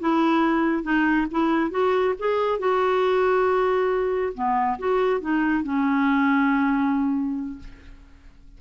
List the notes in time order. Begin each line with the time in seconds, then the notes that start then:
0.00 E4
0.83 D#4
1.31 E4
1.71 F#4
2.19 G#4
2.59 F#4
4.34 B3
4.79 F#4
5.21 D#4
5.64 C#4